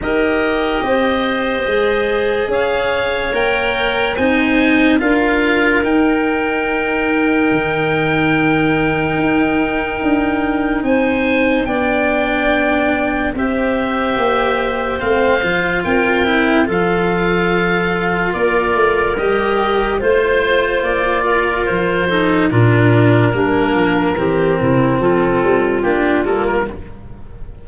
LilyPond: <<
  \new Staff \with { instrumentName = "oboe" } { \time 4/4 \tempo 4 = 72 dis''2. f''4 | g''4 gis''4 f''4 g''4~ | g''1~ | g''4 gis''4 g''2 |
e''2 f''4 g''4 | f''2 d''4 dis''4 | c''4 d''4 c''4 ais'4~ | ais'2 a'4 g'8 a'16 ais'16 | }
  \new Staff \with { instrumentName = "clarinet" } { \time 4/4 ais'4 c''2 cis''4~ | cis''4 c''4 ais'2~ | ais'1~ | ais'4 c''4 d''2 |
c''2. ais'4 | a'2 ais'2 | c''4. ais'4 a'8 f'4 | d'4 g'8 e'8 f'2 | }
  \new Staff \with { instrumentName = "cello" } { \time 4/4 g'2 gis'2 | ais'4 dis'4 f'4 dis'4~ | dis'1~ | dis'2 d'2 |
g'2 c'8 f'4 e'8 | f'2. g'4 | f'2~ f'8 dis'8 d'4 | ais4 c'2 d'8 ais8 | }
  \new Staff \with { instrumentName = "tuba" } { \time 4/4 dis'4 c'4 gis4 cis'4 | ais4 c'4 d'4 dis'4~ | dis'4 dis2 dis'4 | d'4 c'4 b2 |
c'4 ais4 a8 f8 c'4 | f2 ais8 a8 g4 | a4 ais4 f4 ais,4 | g8 f8 e8 c8 f8 g8 ais8 g8 | }
>>